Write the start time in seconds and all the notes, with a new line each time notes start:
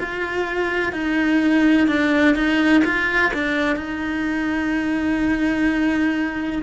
0.00 F4
0.92 D#4
1.87 D4
2.35 D#4
2.84 F4
3.33 D4
3.76 D#4